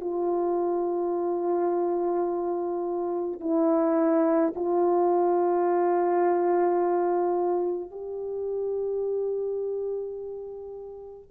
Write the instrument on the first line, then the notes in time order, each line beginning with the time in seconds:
horn
0.00 F4
3.40 E4
4.55 F4
7.90 G4